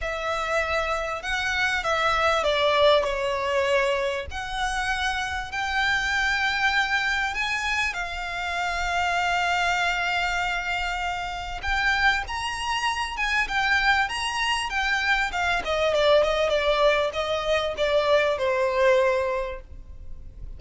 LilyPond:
\new Staff \with { instrumentName = "violin" } { \time 4/4 \tempo 4 = 98 e''2 fis''4 e''4 | d''4 cis''2 fis''4~ | fis''4 g''2. | gis''4 f''2.~ |
f''2. g''4 | ais''4. gis''8 g''4 ais''4 | g''4 f''8 dis''8 d''8 dis''8 d''4 | dis''4 d''4 c''2 | }